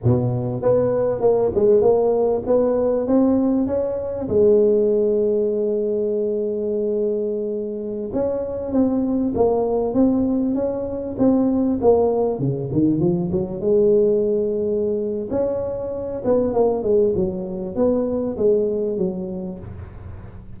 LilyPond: \new Staff \with { instrumentName = "tuba" } { \time 4/4 \tempo 4 = 98 b,4 b4 ais8 gis8 ais4 | b4 c'4 cis'4 gis4~ | gis1~ | gis4~ gis16 cis'4 c'4 ais8.~ |
ais16 c'4 cis'4 c'4 ais8.~ | ais16 cis8 dis8 f8 fis8 gis4.~ gis16~ | gis4 cis'4. b8 ais8 gis8 | fis4 b4 gis4 fis4 | }